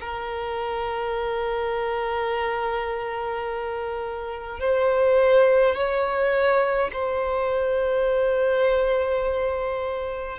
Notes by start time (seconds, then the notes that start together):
0.00 A#4
4.59 C5
5.75 C#5
6.92 C5